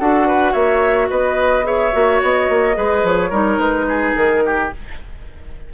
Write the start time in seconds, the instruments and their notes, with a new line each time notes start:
0.00 bassoon D4, clarinet F#4, oboe A4, flute F#5
0.27 oboe B4
0.52 bassoon A#3, oboe C#5, flute E5
1.10 bassoon B3, oboe B4, flute D#5
1.64 clarinet G#4, oboe C#5, flute E5
1.93 bassoon A#3, clarinet F#4
2.23 bassoon B3, flute D#5
2.49 bassoon A#3
2.74 bassoon G#3, clarinet G#4, oboe B4
3.04 bassoon F3, flute C#5
3.30 bassoon G3, clarinet D#4, oboe A#4
3.59 bassoon G#3, flute B4
3.89 oboe G#4
4.16 bassoon D#3, flute A#4
4.46 oboe G4